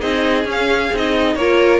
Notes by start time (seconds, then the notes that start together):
0.00 C4 D#4 G#4 D#5
0.45 C#4
0.52 F5
0.94 C4 D#4 D#5
1.36 A#3 F4 A#4 C#5